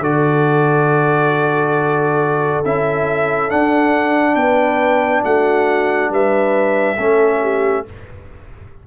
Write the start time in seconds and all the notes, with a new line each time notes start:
0.00 D3 F#4 A4 D5
2.65 C#4 E4 E5
3.50 D4 F#5
4.36 B3 B4 G5
5.24 A3 F#4 F#5
6.11 G3 B4 E5
6.97 A3 C#4 A4
7.43 G4